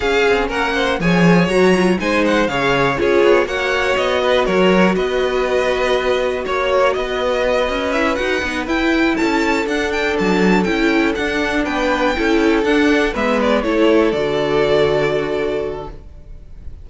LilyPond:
<<
  \new Staff \with { instrumentName = "violin" } { \time 4/4 \tempo 4 = 121 f''4 fis''4 gis''4 ais''4 | gis''8 fis''8 f''4 cis''4 fis''4 | dis''4 cis''4 dis''2~ | dis''4 cis''4 dis''2 |
e''8 fis''4 g''4 a''4 fis''8 | g''8 a''4 g''4 fis''4 g''8~ | g''4. fis''4 e''8 d''8 cis''8~ | cis''8 d''2.~ d''8 | }
  \new Staff \with { instrumentName = "violin" } { \time 4/4 gis'4 ais'8 c''8 cis''2 | c''4 cis''4 gis'4 cis''4~ | cis''8 b'8 ais'4 b'2~ | b'4 cis''4 b'2~ |
b'2~ b'8 a'4.~ | a'2.~ a'8 b'8~ | b'8 a'2 b'4 a'8~ | a'1 | }
  \new Staff \with { instrumentName = "viola" } { \time 4/4 cis'2 gis'4 fis'8 f'8 | dis'4 gis'4 f'4 fis'4~ | fis'1~ | fis'1 |
e'8 fis'8 dis'8 e'2 d'8~ | d'4. e'4 d'4.~ | d'8 e'4 d'4 b4 e'8~ | e'8 fis'2.~ fis'8 | }
  \new Staff \with { instrumentName = "cello" } { \time 4/4 cis'8 c'8 ais4 f4 fis4 | gis4 cis4 cis'8 b8 ais4 | b4 fis4 b2~ | b4 ais4 b4. cis'8~ |
cis'8 dis'8 b8 e'4 cis'4 d'8~ | d'8 fis4 cis'4 d'4 b8~ | b8 cis'4 d'4 gis4 a8~ | a8 d2.~ d8 | }
>>